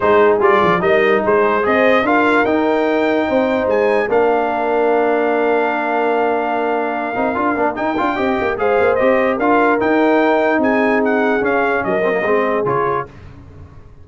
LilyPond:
<<
  \new Staff \with { instrumentName = "trumpet" } { \time 4/4 \tempo 4 = 147 c''4 d''4 dis''4 c''4 | dis''4 f''4 g''2~ | g''4 gis''4 f''2~ | f''1~ |
f''2. g''4~ | g''4 f''4 dis''4 f''4 | g''2 gis''4 fis''4 | f''4 dis''2 cis''4 | }
  \new Staff \with { instrumentName = "horn" } { \time 4/4 gis'2 ais'4 gis'4 | c''4 ais'2. | c''2 ais'2~ | ais'1~ |
ais'1 | dis''4 c''2 ais'4~ | ais'2 gis'2~ | gis'4 ais'4 gis'2 | }
  \new Staff \with { instrumentName = "trombone" } { \time 4/4 dis'4 f'4 dis'2 | gis'4 f'4 dis'2~ | dis'2 d'2~ | d'1~ |
d'4. dis'8 f'8 d'8 dis'8 f'8 | g'4 gis'4 g'4 f'4 | dis'1 | cis'4. c'16 ais16 c'4 f'4 | }
  \new Staff \with { instrumentName = "tuba" } { \time 4/4 gis4 g8 f8 g4 gis4 | c'4 d'4 dis'2 | c'4 gis4 ais2~ | ais1~ |
ais4. c'8 d'8 ais8 dis'8 d'8 | c'8 ais8 gis8 ais8 c'4 d'4 | dis'2 c'2 | cis'4 fis4 gis4 cis4 | }
>>